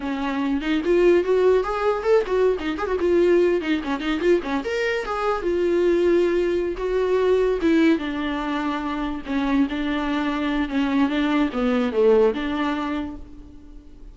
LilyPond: \new Staff \with { instrumentName = "viola" } { \time 4/4 \tempo 4 = 146 cis'4. dis'8 f'4 fis'4 | gis'4 a'8 fis'8. dis'8 gis'16 fis'16 f'8.~ | f'8. dis'8 cis'8 dis'8 f'8 cis'8 ais'8.~ | ais'16 gis'4 f'2~ f'8.~ |
f'8 fis'2 e'4 d'8~ | d'2~ d'8 cis'4 d'8~ | d'2 cis'4 d'4 | b4 a4 d'2 | }